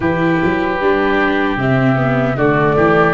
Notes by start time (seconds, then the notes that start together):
0.00 E3 E4 G4 B4
0.43 F#3
0.80 G3 D4
1.56 C3 C4 E5
1.95 B3
2.35 D3 A3 F#4 D5
2.76 E3 G4